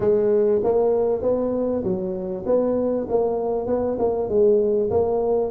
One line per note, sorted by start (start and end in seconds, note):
0.00 0.61 G#3
0.63 1.22 A#3
1.22 1.83 B3
1.83 2.44 F#3
2.45 3.07 B3
3.09 3.67 A#3
3.67 3.97 B3
3.98 4.28 A#3
4.28 4.90 G#3
4.90 5.51 A#3